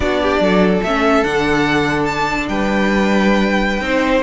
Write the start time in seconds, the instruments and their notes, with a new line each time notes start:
0.00 cello B3, viola D4, violin F#4 D5
0.22 violin G4
0.39 cello F#3, violin A4
0.82 cello A3, viola C#4, violin E5
1.24 cello D3, viola D4, violin F#5
2.04 violin A5
2.48 cello G3, violin B4 G5
3.80 cello C4, viola D#4, violin C5